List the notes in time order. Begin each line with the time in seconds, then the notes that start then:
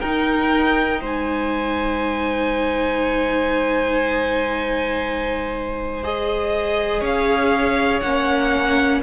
0.00 D#4 A#4 G5
1.01 G#3 C5 G#5
6.03 G#4 D#5
6.99 C#4 C#5
7.05 F5
8.00 A#3 C#4 F#5